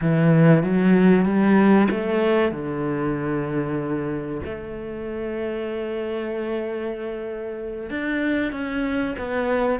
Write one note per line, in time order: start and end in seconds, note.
0.01 0.63 E3
0.63 1.25 F#3
1.25 1.88 G3
1.90 2.51 A3
2.51 4.41 D3
4.45 7.89 A3
7.89 8.52 D4
8.52 9.15 C#4
9.18 9.79 B3